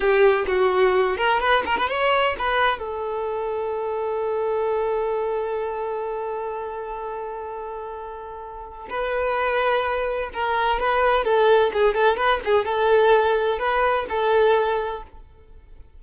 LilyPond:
\new Staff \with { instrumentName = "violin" } { \time 4/4 \tempo 4 = 128 g'4 fis'4. ais'8 b'8 ais'16 b'16 | cis''4 b'4 a'2~ | a'1~ | a'1~ |
a'2. b'4~ | b'2 ais'4 b'4 | a'4 gis'8 a'8 b'8 gis'8 a'4~ | a'4 b'4 a'2 | }